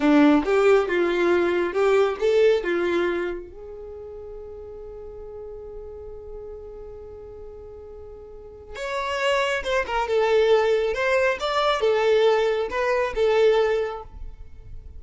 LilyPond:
\new Staff \with { instrumentName = "violin" } { \time 4/4 \tempo 4 = 137 d'4 g'4 f'2 | g'4 a'4 f'2 | gis'1~ | gis'1~ |
gis'1 | cis''2 c''8 ais'8 a'4~ | a'4 c''4 d''4 a'4~ | a'4 b'4 a'2 | }